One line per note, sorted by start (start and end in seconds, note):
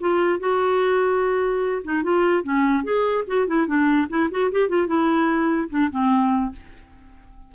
0.00 0.40 F4
0.40 1.83 F#4
1.84 2.03 D#4
2.03 2.43 F4
2.43 2.83 C#4
2.83 3.24 G#4
3.27 3.47 F#4
3.47 3.67 E4
3.67 4.08 D4
4.09 4.30 E4
4.31 4.51 F#4
4.51 4.69 G4
4.69 4.87 F4
4.87 5.69 E4
5.69 5.90 D4
5.91 6.52 C4